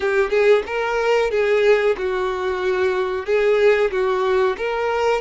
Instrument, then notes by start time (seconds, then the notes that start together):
violin
0.00 G4
0.30 G#4
0.66 A#4
1.30 G#4
1.97 F#4
3.25 G#4
3.91 F#4
4.57 A#4